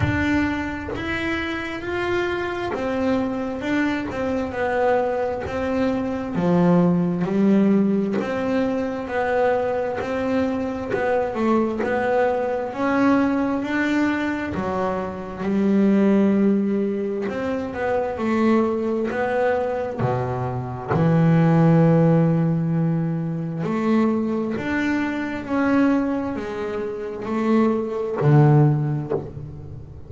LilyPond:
\new Staff \with { instrumentName = "double bass" } { \time 4/4 \tempo 4 = 66 d'4 e'4 f'4 c'4 | d'8 c'8 b4 c'4 f4 | g4 c'4 b4 c'4 | b8 a8 b4 cis'4 d'4 |
fis4 g2 c'8 b8 | a4 b4 b,4 e4~ | e2 a4 d'4 | cis'4 gis4 a4 d4 | }